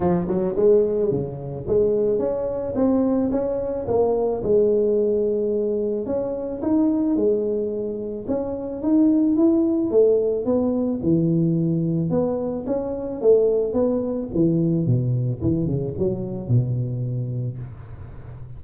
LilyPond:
\new Staff \with { instrumentName = "tuba" } { \time 4/4 \tempo 4 = 109 f8 fis8 gis4 cis4 gis4 | cis'4 c'4 cis'4 ais4 | gis2. cis'4 | dis'4 gis2 cis'4 |
dis'4 e'4 a4 b4 | e2 b4 cis'4 | a4 b4 e4 b,4 | e8 cis8 fis4 b,2 | }